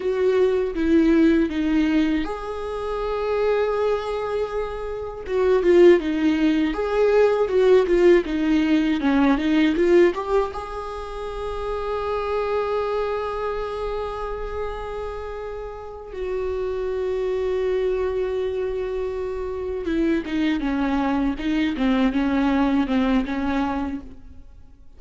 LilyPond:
\new Staff \with { instrumentName = "viola" } { \time 4/4 \tempo 4 = 80 fis'4 e'4 dis'4 gis'4~ | gis'2. fis'8 f'8 | dis'4 gis'4 fis'8 f'8 dis'4 | cis'8 dis'8 f'8 g'8 gis'2~ |
gis'1~ | gis'4. fis'2~ fis'8~ | fis'2~ fis'8 e'8 dis'8 cis'8~ | cis'8 dis'8 c'8 cis'4 c'8 cis'4 | }